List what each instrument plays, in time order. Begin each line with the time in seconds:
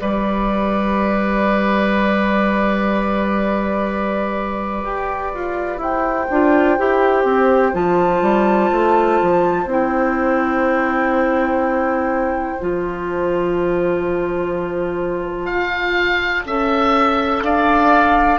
0.00 bassoon G3, clarinet G4, oboe B4, flute D5
4.84 bassoon G4
5.34 bassoon F4
5.78 bassoon E4, oboe C5, flute G5
6.30 bassoon D4, clarinet F4
6.78 bassoon E4, clarinet G4
7.24 bassoon C4
7.73 bassoon F3, clarinet F4, flute A5
8.21 bassoon G3
8.72 bassoon A3
9.22 bassoon F3
9.65 bassoon C4, clarinet E4
9.71 flute G5
12.60 bassoon F3, clarinet F4, flute A5
15.46 bassoon F4, oboe F5
16.45 bassoon C#4, clarinet A4, oboe E5
17.42 bassoon D4, oboe D5, flute F5